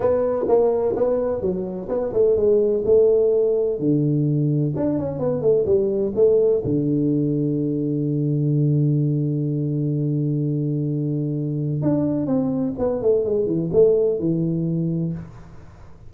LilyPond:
\new Staff \with { instrumentName = "tuba" } { \time 4/4 \tempo 4 = 127 b4 ais4 b4 fis4 | b8 a8 gis4 a2 | d2 d'8 cis'8 b8 a8 | g4 a4 d2~ |
d1~ | d1~ | d4 d'4 c'4 b8 a8 | gis8 e8 a4 e2 | }